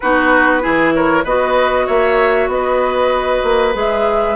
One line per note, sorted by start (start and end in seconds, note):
0.00 0.65 B3
0.00 0.60 D#4
0.00 0.62 F#4
0.00 0.93 B4
0.60 1.24 E3
0.60 1.23 E4
0.60 0.93 G#4
0.93 1.24 A#4
0.93 1.25 C#5
1.24 1.87 B3
1.24 3.73 F#4
1.24 1.86 B4
1.24 1.87 D#5
1.86 2.47 A#3
1.86 2.48 C#5
1.86 2.49 E5
2.47 3.41 B3
2.47 4.36 B4
2.47 3.75 D#5
3.43 3.74 A#3
3.73 4.36 G#3
3.73 4.36 G#4
3.73 4.36 E5